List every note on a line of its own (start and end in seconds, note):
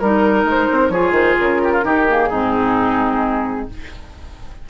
0.00 0.45 G3
0.00 0.94 D#4
0.00 0.46 A#4
0.00 0.93 A#4
0.45 0.68 G#3
0.45 0.89 C5
0.72 0.90 C4
0.89 1.11 F3
0.89 1.83 F4
0.89 1.61 G#4
0.89 1.12 C#5
1.11 1.34 D#3
1.11 1.38 C5
1.39 1.84 C#3
1.39 2.08 A#4
1.63 1.73 G4
1.73 1.84 F4
1.83 2.30 D#3
1.83 2.06 D#4
1.83 2.29 G4
2.09 2.32 A#3
2.09 3.70 G#4
2.29 3.68 G#2
2.29 3.70 C4
2.29 3.67 D#4